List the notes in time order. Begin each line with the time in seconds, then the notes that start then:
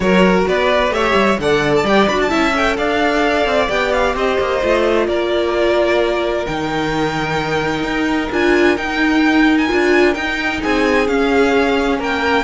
0.00 F#3 F#4 A#4 C#5
0.47 B3 B4 D5
0.89 A3 G4 C#5 E5
1.14 G3
1.38 D3 A4 D5 F#5
1.75 A5
1.83 G3 G4 G5
2.07 D4 F#4 B5
2.22 A5
2.28 C#4 E4 E5
2.54 A4 G5
2.77 D4 D5 F5
3.45 C4
3.68 B3 G4 G5
3.92 F5
4.14 C4 C5 D#5
4.39 A#3
4.63 A3 F4
5.07 A#3 A#4 D5
6.45 D#3 D#4 G5
7.83 D#4
8.32 D4 F4 G#5
8.76 D#4 G5
9.57 G#5
9.68 D4 F4
10.14 D#4 G5
10.61 C4 G#4 G#5
11.07 C#4 F5
11.99 A#3 A#4 G5